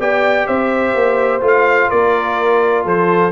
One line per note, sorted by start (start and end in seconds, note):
0.00 0.48 B3
0.00 1.41 G4
0.00 0.48 D5
0.00 0.47 G5
0.47 0.95 C4
0.47 1.90 C5
0.47 1.43 E5
0.95 1.42 A#3
1.41 1.89 A3
1.41 3.32 F4
1.47 1.91 F5
1.90 2.85 A#3
1.90 2.84 A#4
1.90 2.86 D5
2.84 3.32 F3
2.84 3.32 A4
2.84 3.32 C5